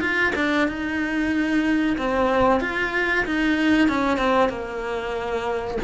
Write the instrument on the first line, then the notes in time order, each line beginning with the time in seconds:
cello
0.00 F4
0.35 D4
0.67 D#4
1.97 C4
2.60 F4
3.26 D#4
3.88 C#4
4.17 C4
4.49 A#3